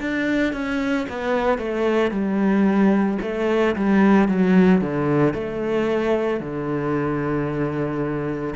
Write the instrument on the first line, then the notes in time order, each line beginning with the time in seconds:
cello
0.00 D4
0.53 C#4
1.09 B3
1.58 A3
2.10 G3
3.21 A3
3.75 G3
4.28 F#3
4.81 D3
5.33 A3
6.40 D3